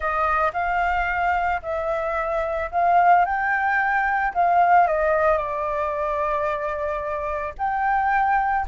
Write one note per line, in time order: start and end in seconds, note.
0.00 0.51 D#5
0.53 1.61 F5
1.62 2.70 E5
2.71 3.25 F5
3.25 4.33 G5
4.34 4.87 F5
4.87 5.37 D#5
5.37 7.54 D5
7.58 8.66 G5